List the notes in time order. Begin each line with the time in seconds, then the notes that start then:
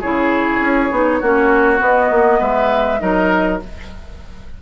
0.00 C#3 E4 G#4 C#5
0.60 C#4
0.91 B3 D#4
1.20 A#3 C#4 F#4
1.78 B3 D#5
2.10 A#3
2.40 G#3 B4 E5
2.99 F#3 D#4 A#4 D#5